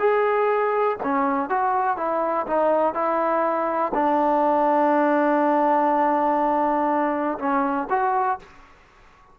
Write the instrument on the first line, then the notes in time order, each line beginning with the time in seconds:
trombone
0.00 G#4
1.04 C#4
1.50 F#4
1.97 E4
2.47 D#4
2.94 E4
3.95 D4
7.39 C#4
7.90 F#4